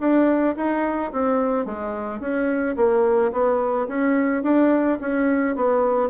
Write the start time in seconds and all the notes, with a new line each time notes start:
0.00 D4
0.57 D#4
1.13 C4
1.66 G#3
2.20 C#4
2.77 A#3
3.32 B3
3.88 C#4
4.43 D4
5.01 C#4
5.56 B3